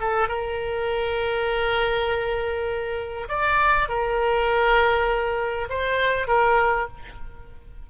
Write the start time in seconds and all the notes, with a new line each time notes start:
0.00 A4
0.28 A#4
3.28 D5
3.88 A#4
5.69 C5
6.27 A#4